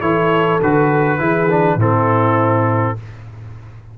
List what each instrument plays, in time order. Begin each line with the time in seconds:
0.00 tuba E3, trombone E4, horn A4, trumpet C#5
0.61 tuba D3, trombone F#4, trumpet B4
1.18 tuba E3, trombone E4, horn G#4
1.49 trombone D4
1.75 tuba A2, trombone C4, horn E4, trumpet A4